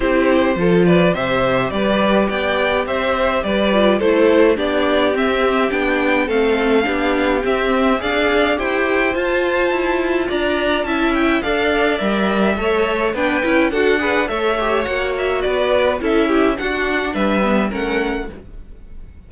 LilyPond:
<<
  \new Staff \with { instrumentName = "violin" } { \time 4/4 \tempo 4 = 105 c''4. d''8 e''4 d''4 | g''4 e''4 d''4 c''4 | d''4 e''4 g''4 f''4~ | f''4 e''4 f''4 g''4 |
a''2 ais''4 a''8 g''8 | f''4 e''2 g''4 | fis''4 e''4 fis''8 e''8 d''4 | e''4 fis''4 e''4 fis''4 | }
  \new Staff \with { instrumentName = "violin" } { \time 4/4 g'4 a'8 b'8 c''4 b'4 | d''4 c''4 b'4 a'4 | g'2. a'4 | g'2 d''4 c''4~ |
c''2 d''4 e''4 | d''2 cis''4 b'4 | a'8 b'8 cis''2 b'4 | a'8 g'8 fis'4 b'4 ais'4 | }
  \new Staff \with { instrumentName = "viola" } { \time 4/4 e'4 f'4 g'2~ | g'2~ g'8 f'8 e'4 | d'4 c'4 d'4 c'4 | d'4 c'4 gis'4 g'4 |
f'2. e'4 | a'4 ais'4 a'4 d'8 e'8 | fis'8 gis'8 a'8 g'8 fis'2 | e'4 d'4. b8 cis'4 | }
  \new Staff \with { instrumentName = "cello" } { \time 4/4 c'4 f4 c4 g4 | b4 c'4 g4 a4 | b4 c'4 b4 a4 | b4 c'4 d'4 e'4 |
f'4 e'4 d'4 cis'4 | d'4 g4 a4 b8 cis'8 | d'4 a4 ais4 b4 | cis'4 d'4 g4 a4 | }
>>